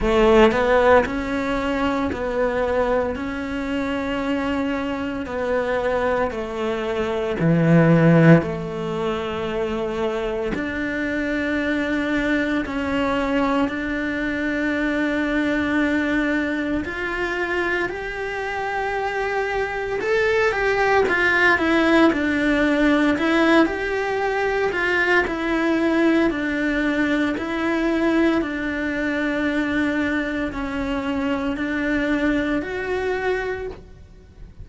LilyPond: \new Staff \with { instrumentName = "cello" } { \time 4/4 \tempo 4 = 57 a8 b8 cis'4 b4 cis'4~ | cis'4 b4 a4 e4 | a2 d'2 | cis'4 d'2. |
f'4 g'2 a'8 g'8 | f'8 e'8 d'4 e'8 g'4 f'8 | e'4 d'4 e'4 d'4~ | d'4 cis'4 d'4 fis'4 | }